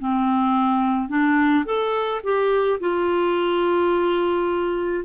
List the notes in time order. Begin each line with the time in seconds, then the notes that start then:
0.00 C4
1.09 D4
1.66 A4
2.24 G4
2.81 F4